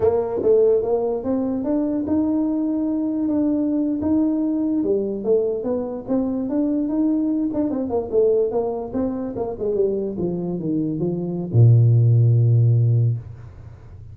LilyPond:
\new Staff \with { instrumentName = "tuba" } { \time 4/4 \tempo 4 = 146 ais4 a4 ais4 c'4 | d'4 dis'2. | d'4.~ d'16 dis'2 g16~ | g8. a4 b4 c'4 d'16~ |
d'8. dis'4. d'8 c'8 ais8 a16~ | a8. ais4 c'4 ais8 gis8 g16~ | g8. f4 dis4 f4~ f16 | ais,1 | }